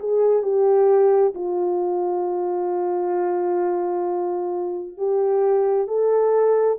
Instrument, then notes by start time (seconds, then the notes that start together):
horn
0.00 G#4
0.43 G4
1.35 F4
4.98 G4
5.88 A4